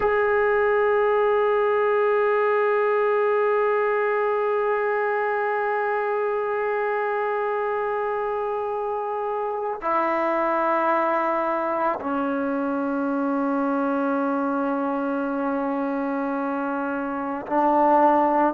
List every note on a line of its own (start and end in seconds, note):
0.00 9.80 G#4
9.81 11.99 E4
12.00 17.45 C#4
17.46 18.54 D4